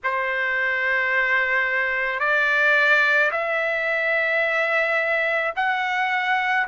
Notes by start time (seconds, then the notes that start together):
0.03 C5
2.19 D5
3.31 E5
5.56 F#5